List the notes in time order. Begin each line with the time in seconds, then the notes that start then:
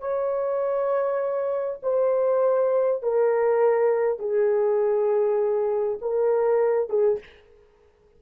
0.00 C#5
1.83 C5
3.03 A#4
4.19 G#4
6.02 A#4
6.90 G#4